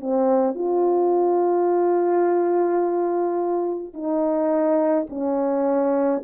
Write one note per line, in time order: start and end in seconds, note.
0.00 0.55 C4
0.55 3.93 F4
3.93 5.06 D#4
5.09 6.23 C#4